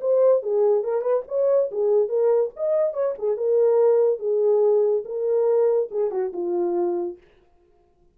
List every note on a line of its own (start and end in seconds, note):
0.00 0.42 C5
0.42 0.83 G#4
0.83 1.01 A#4
1.01 1.22 B4
1.28 1.70 C#5
1.71 2.08 G#4
2.08 2.50 A#4
2.56 2.93 D#5
2.93 3.14 C#5
3.18 3.37 G#4
3.37 4.19 A#4
4.19 5.03 G#4
5.05 5.89 A#4
5.91 6.11 G#4
6.11 6.32 F#4
6.33 7.17 F4